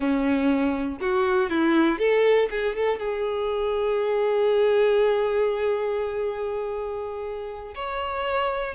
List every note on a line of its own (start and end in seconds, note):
0.00 0.99 C#4
1.00 1.50 F#4
1.50 1.98 E4
1.98 2.48 A4
2.50 2.75 G#4
2.75 2.99 A4
2.99 7.74 G#4
7.75 8.74 C#5